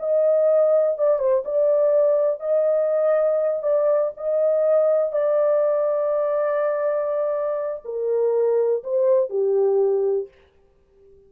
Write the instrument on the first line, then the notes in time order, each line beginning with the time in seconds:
horn
0.00 D#5
0.98 D5
1.19 C5
1.45 D5
2.41 D#5
3.63 D5
4.17 D#5
5.13 D5
7.85 A#4
8.84 C5
9.30 G4